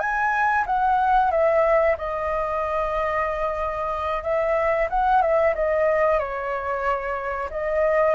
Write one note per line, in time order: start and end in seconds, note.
0.00 0.65 G#5
0.66 1.31 F#5
1.31 1.97 E5
1.98 4.24 D#5
4.24 4.89 E5
4.90 5.22 F#5
5.22 5.55 E5
5.56 6.20 D#5
6.20 7.50 C#5
7.51 8.15 D#5